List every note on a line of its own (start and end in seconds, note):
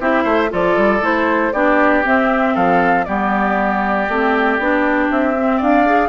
0.00 0.25 C4
0.00 0.49 E4
0.00 0.23 G4
0.00 0.52 E5
0.23 0.50 A3
0.23 0.49 C5
0.49 0.77 F3
0.49 1.00 F4
0.49 1.53 A4
0.49 1.04 D5
0.77 1.01 G3
1.01 1.52 A3
1.01 1.52 E4
1.01 1.53 C5
1.53 2.04 B3
1.53 2.04 D4
1.53 2.54 G4
1.53 2.03 D5
2.04 3.06 C4
2.04 2.56 C4
2.04 2.56 E5
2.54 3.07 F3
2.54 3.05 A4
2.54 3.04 F5
3.04 4.08 G3
3.04 4.09 B3
3.04 5.57 G4
3.04 5.08 D5
4.08 4.59 A3
4.08 4.60 C4
4.59 5.10 B3
4.59 5.36 D4
5.10 5.61 C4
5.10 5.61 E5
5.36 5.86 C4
5.57 6.09 D4
5.57 6.08 D5
5.57 6.09 F5
5.86 6.09 G#4